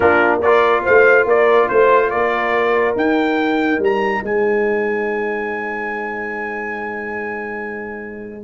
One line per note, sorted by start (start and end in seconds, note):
0.00 0.84 A#3
0.00 0.40 D4
0.00 0.41 F4
0.00 0.40 A#4
0.42 2.96 F4
0.42 0.83 A#4
0.42 0.84 D5
0.83 1.25 A3
0.83 1.25 C5
0.83 1.27 F5
1.25 1.68 A#3
1.25 1.68 A#4
1.25 1.68 D5
1.68 2.11 A3
1.68 2.10 C5
2.10 2.95 A#3
2.10 4.26 A#4
2.10 2.95 D5
2.95 3.78 D#4
2.95 8.43 D#4
2.95 3.82 G5
3.78 4.21 G3
3.78 4.25 A#5
4.23 8.43 G#3
4.23 8.43 C5
4.23 8.43 G#5